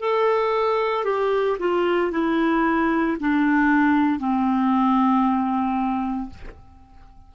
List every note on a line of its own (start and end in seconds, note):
0.00 1.05 A4
1.05 1.57 G4
1.59 2.12 F4
2.12 3.17 E4
3.20 4.20 D4
4.20 6.30 C4